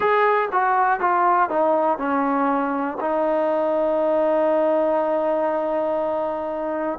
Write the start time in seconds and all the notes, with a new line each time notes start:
0.00 G#4
0.51 F#4
1.00 F4
1.49 D#4
1.97 C#4
3.00 D#4